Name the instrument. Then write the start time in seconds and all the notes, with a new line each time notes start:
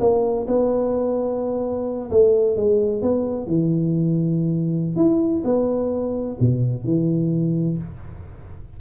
tuba
0.00 A#3
0.47 B3
2.11 A3
2.56 G#3
3.02 B3
3.47 E3
4.96 E4
5.44 B3
6.40 B2
6.84 E3